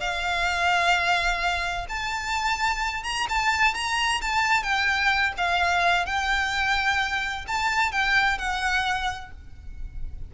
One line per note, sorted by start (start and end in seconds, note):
0.00 1.86 F5
1.89 3.03 A5
3.03 3.26 A#5
3.29 3.74 A5
3.74 4.21 A#5
4.21 4.63 A5
4.63 5.33 G5
5.38 6.06 F5
6.06 7.45 G5
7.47 7.92 A5
7.92 8.38 G5
8.38 9.31 F#5